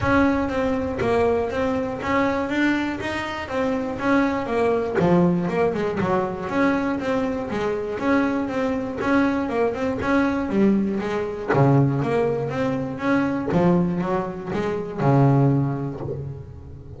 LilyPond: \new Staff \with { instrumentName = "double bass" } { \time 4/4 \tempo 4 = 120 cis'4 c'4 ais4 c'4 | cis'4 d'4 dis'4 c'4 | cis'4 ais4 f4 ais8 gis8 | fis4 cis'4 c'4 gis4 |
cis'4 c'4 cis'4 ais8 c'8 | cis'4 g4 gis4 cis4 | ais4 c'4 cis'4 f4 | fis4 gis4 cis2 | }